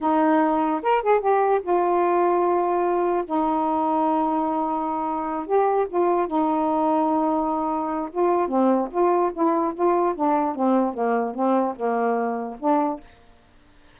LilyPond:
\new Staff \with { instrumentName = "saxophone" } { \time 4/4 \tempo 4 = 148 dis'2 ais'8 gis'8 g'4 | f'1 | dis'1~ | dis'4. g'4 f'4 dis'8~ |
dis'1 | f'4 c'4 f'4 e'4 | f'4 d'4 c'4 ais4 | c'4 ais2 d'4 | }